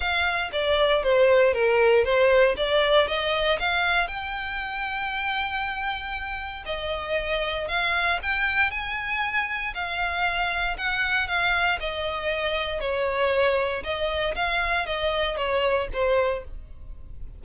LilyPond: \new Staff \with { instrumentName = "violin" } { \time 4/4 \tempo 4 = 117 f''4 d''4 c''4 ais'4 | c''4 d''4 dis''4 f''4 | g''1~ | g''4 dis''2 f''4 |
g''4 gis''2 f''4~ | f''4 fis''4 f''4 dis''4~ | dis''4 cis''2 dis''4 | f''4 dis''4 cis''4 c''4 | }